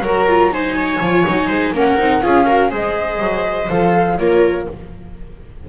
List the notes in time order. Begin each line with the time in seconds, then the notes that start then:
0.00 F#3 F#4 A#4
0.06 A#5
0.28 F4
0.51 D#4 C5 G#5
0.76 C#5
1.00 F3 F4
1.26 F#3 D#4
1.47 G#3 C5
1.72 A#3 C#4 A#4 F#5
1.97 C4 D#4
2.21 C#4 F4 G#4 F5
2.46 F#4 A#4
2.70 G#3 G#4 C5 D#5
3.19 F#3
3.69 F3 A4 F5
4.18 A#3 F4 A#4 C#5